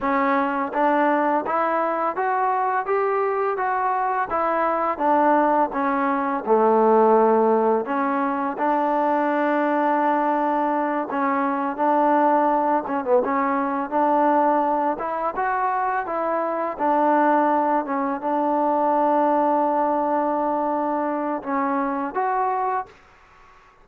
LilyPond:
\new Staff \with { instrumentName = "trombone" } { \time 4/4 \tempo 4 = 84 cis'4 d'4 e'4 fis'4 | g'4 fis'4 e'4 d'4 | cis'4 a2 cis'4 | d'2.~ d'8 cis'8~ |
cis'8 d'4. cis'16 b16 cis'4 d'8~ | d'4 e'8 fis'4 e'4 d'8~ | d'4 cis'8 d'2~ d'8~ | d'2 cis'4 fis'4 | }